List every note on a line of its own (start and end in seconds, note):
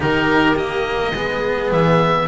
0.00 1.12 D#3
0.00 0.55 D#4
0.00 1.13 G4
0.00 0.57 A#4
0.55 1.13 A#3
0.55 1.71 D#5
1.13 1.70 G#3
1.13 2.28 B3
1.13 2.28 G#4
1.71 2.28 E3
1.71 2.28 E5